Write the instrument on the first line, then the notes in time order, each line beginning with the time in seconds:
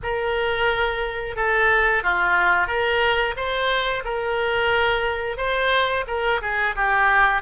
oboe
0.02 A#4
1.35 A4
2.03 F4
2.67 A#4
3.36 C5
4.04 A#4
5.37 C5
6.07 A#4
6.41 G#4
6.75 G4